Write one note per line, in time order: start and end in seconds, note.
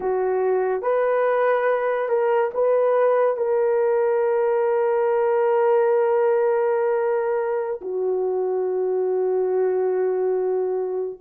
0.00 0.82 F#4
0.82 2.08 B4
2.08 2.50 A#4
2.54 3.36 B4
3.36 7.80 A#4
7.81 11.19 F#4